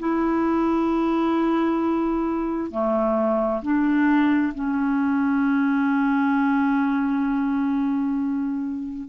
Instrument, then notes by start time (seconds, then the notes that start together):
clarinet
0.00 E4
2.71 A3
3.63 D4
4.55 C#4